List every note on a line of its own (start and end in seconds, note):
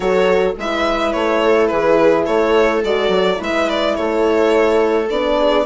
0.00 0.54 F#3
0.00 0.55 F#4
0.00 0.57 A4
0.00 0.55 C#5
0.57 1.14 G#3
0.57 2.85 E4
0.57 1.42 B4
0.57 1.12 E5
1.12 1.71 A3
1.12 1.66 C#5
1.42 1.70 A4
1.66 2.27 E3
1.66 2.26 G#4
1.66 2.23 B4
2.26 2.83 A3
2.26 3.38 A4
2.26 2.82 C#5
2.83 3.08 G#3
2.83 3.36 F#4
2.83 3.41 D5
3.08 3.36 F#3
3.36 3.97 G#3
3.36 5.06 E4
3.36 3.95 B4
3.43 3.69 E5
3.69 3.95 D5
3.95 5.10 A3
3.95 5.37 A4
3.95 5.08 C#5
5.10 5.66 B3
5.10 5.66 D4
5.10 5.66 D5
5.37 5.66 G#4